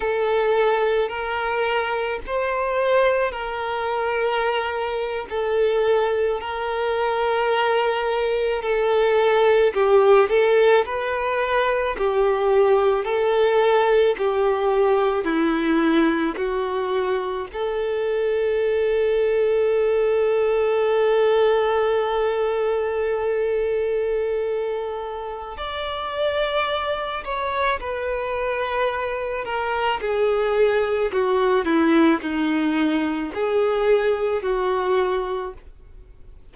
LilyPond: \new Staff \with { instrumentName = "violin" } { \time 4/4 \tempo 4 = 54 a'4 ais'4 c''4 ais'4~ | ais'8. a'4 ais'2 a'16~ | a'8. g'8 a'8 b'4 g'4 a'16~ | a'8. g'4 e'4 fis'4 a'16~ |
a'1~ | a'2. d''4~ | d''8 cis''8 b'4. ais'8 gis'4 | fis'8 e'8 dis'4 gis'4 fis'4 | }